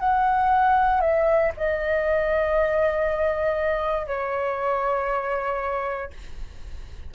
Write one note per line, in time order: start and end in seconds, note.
0.00 1.01 F#5
1.01 1.52 E5
1.57 4.07 D#5
4.07 6.11 C#5